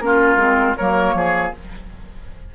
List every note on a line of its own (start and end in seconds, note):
0.00 0.37 A#3
0.00 0.38 C#4
0.00 0.75 A#4
0.06 0.77 F4
0.37 0.74 G#3
0.37 0.76 C4
0.77 1.14 F#3
0.77 1.55 A#3
0.77 1.15 A#4
0.77 1.52 C#5
1.14 1.52 F3
1.14 1.55 G#4